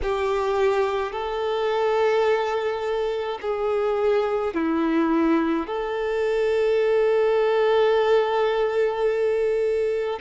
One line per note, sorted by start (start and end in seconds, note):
0.02 1.12 G4
1.12 3.38 A4
3.41 4.54 G#4
4.54 5.66 E4
5.66 10.19 A4